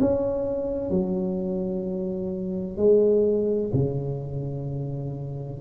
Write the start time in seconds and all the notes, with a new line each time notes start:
0.00 C#4
0.90 F#3
2.77 G#3
3.73 C#3